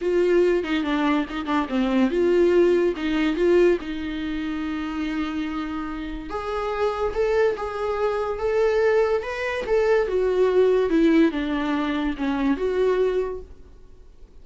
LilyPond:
\new Staff \with { instrumentName = "viola" } { \time 4/4 \tempo 4 = 143 f'4. dis'8 d'4 dis'8 d'8 | c'4 f'2 dis'4 | f'4 dis'2.~ | dis'2. gis'4~ |
gis'4 a'4 gis'2 | a'2 b'4 a'4 | fis'2 e'4 d'4~ | d'4 cis'4 fis'2 | }